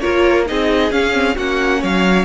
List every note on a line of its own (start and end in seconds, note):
0.00 0.50 A#3
0.00 0.47 F4
0.00 0.46 A#4
0.00 0.45 C#5
0.47 0.91 C4
0.47 0.92 D#4
0.47 1.36 G#4
0.47 0.92 D#5
0.91 1.36 C#4
0.91 1.13 C#4
0.91 1.37 F5
1.13 1.36 C4
1.36 1.83 A#3
1.36 2.26 C#4
1.36 1.81 F#4
1.36 1.83 F#5
1.81 2.26 F#3
1.81 2.26 C#5
1.81 2.26 F5